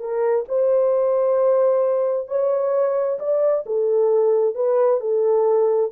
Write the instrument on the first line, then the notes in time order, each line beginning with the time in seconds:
horn
0.00 A#4
0.49 C5
2.28 C#5
3.20 D5
3.66 A4
4.55 B4
5.01 A4